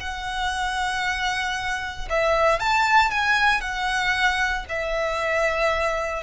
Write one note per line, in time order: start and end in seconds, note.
0.00 2.09 F#5
2.10 2.60 E5
2.60 3.11 A5
3.11 3.61 G#5
3.61 4.65 F#5
4.69 6.23 E5